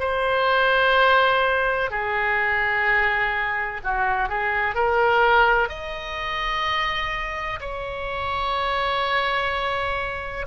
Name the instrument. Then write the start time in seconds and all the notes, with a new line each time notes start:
oboe
0.00 C5
1.91 G#4
3.84 F#4
4.29 G#4
4.75 A#4
5.69 D#5
7.61 C#5